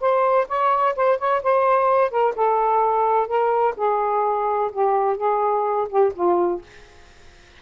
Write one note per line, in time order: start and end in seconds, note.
0.00 0.47 C5
0.48 0.95 C#5
0.96 1.19 C5
1.19 1.42 C#5
1.43 2.11 C5
2.11 2.34 A#4
2.36 3.27 A4
3.27 3.75 A#4
3.76 4.71 G#4
4.72 5.17 G4
5.17 5.88 G#4
5.89 6.13 G4
6.15 6.62 F4